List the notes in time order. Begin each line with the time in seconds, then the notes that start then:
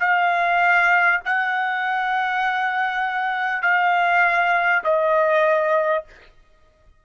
0.00 F5
1.25 F#5
3.63 F5
4.84 D#5